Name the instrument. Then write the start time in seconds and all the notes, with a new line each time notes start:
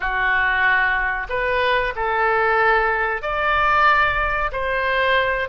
oboe
0.00 F#4
1.29 B4
1.95 A4
3.22 D5
4.52 C5